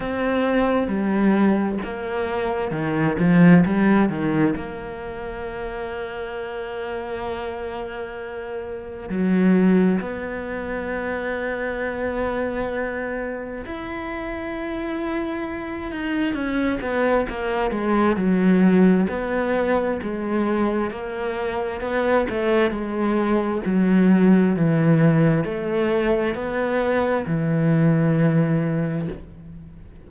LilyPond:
\new Staff \with { instrumentName = "cello" } { \time 4/4 \tempo 4 = 66 c'4 g4 ais4 dis8 f8 | g8 dis8 ais2.~ | ais2 fis4 b4~ | b2. e'4~ |
e'4. dis'8 cis'8 b8 ais8 gis8 | fis4 b4 gis4 ais4 | b8 a8 gis4 fis4 e4 | a4 b4 e2 | }